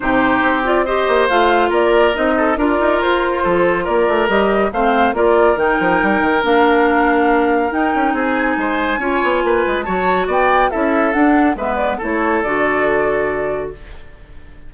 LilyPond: <<
  \new Staff \with { instrumentName = "flute" } { \time 4/4 \tempo 4 = 140 c''4. d''8 dis''4 f''4 | d''4 dis''4 d''4 c''4~ | c''4 d''4 dis''4 f''4 | d''4 g''2 f''4~ |
f''2 g''4 gis''4~ | gis''2. a''4 | g''4 e''4 fis''4 e''8 d''8 | cis''4 d''2. | }
  \new Staff \with { instrumentName = "oboe" } { \time 4/4 g'2 c''2 | ais'4. a'8 ais'2 | a'4 ais'2 c''4 | ais'1~ |
ais'2. gis'4 | c''4 cis''4 b'4 cis''4 | d''4 a'2 b'4 | a'1 | }
  \new Staff \with { instrumentName = "clarinet" } { \time 4/4 dis'4. f'8 g'4 f'4~ | f'4 dis'4 f'2~ | f'2 g'4 c'4 | f'4 dis'2 d'4~ |
d'2 dis'2~ | dis'4 f'2 fis'4~ | fis'4 e'4 d'4 b4 | e'4 fis'2. | }
  \new Staff \with { instrumentName = "bassoon" } { \time 4/4 c4 c'4. ais8 a4 | ais4 c'4 d'8 dis'8 f'4 | f4 ais8 a8 g4 a4 | ais4 dis8 f8 g8 dis8 ais4~ |
ais2 dis'8 cis'8 c'4 | gis4 cis'8 b8 ais8 gis8 fis4 | b4 cis'4 d'4 gis4 | a4 d2. | }
>>